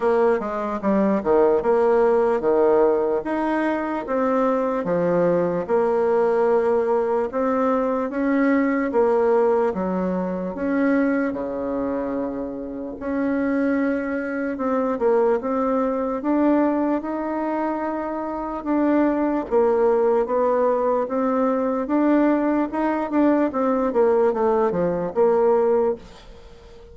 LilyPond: \new Staff \with { instrumentName = "bassoon" } { \time 4/4 \tempo 4 = 74 ais8 gis8 g8 dis8 ais4 dis4 | dis'4 c'4 f4 ais4~ | ais4 c'4 cis'4 ais4 | fis4 cis'4 cis2 |
cis'2 c'8 ais8 c'4 | d'4 dis'2 d'4 | ais4 b4 c'4 d'4 | dis'8 d'8 c'8 ais8 a8 f8 ais4 | }